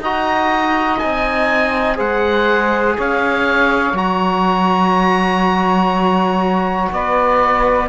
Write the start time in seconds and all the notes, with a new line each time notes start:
0.00 D#4 F#4 D#5 A#5
1.00 C4 D#4 G#5
1.96 G#3 G#4 C5 F#5
2.98 C#4 C#5 F5
3.94 F#3 F#4 A#5
6.93 B3 B4 D5